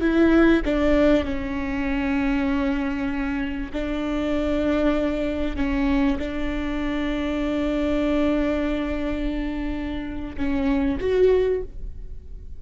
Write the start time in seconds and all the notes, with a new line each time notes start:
0.00 E4
0.65 D4
1.24 C#4
3.72 D4
5.56 C#4
6.18 D4
10.37 C#4
11.00 F#4